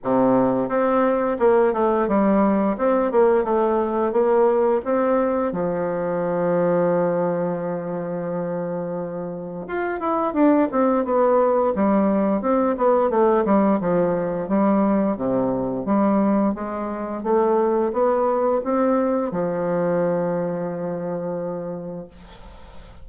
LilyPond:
\new Staff \with { instrumentName = "bassoon" } { \time 4/4 \tempo 4 = 87 c4 c'4 ais8 a8 g4 | c'8 ais8 a4 ais4 c'4 | f1~ | f2 f'8 e'8 d'8 c'8 |
b4 g4 c'8 b8 a8 g8 | f4 g4 c4 g4 | gis4 a4 b4 c'4 | f1 | }